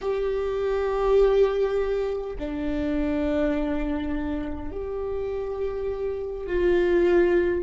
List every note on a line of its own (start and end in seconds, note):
0.01 2.36 G4
2.39 4.71 D4
4.71 6.46 G4
6.46 7.63 F4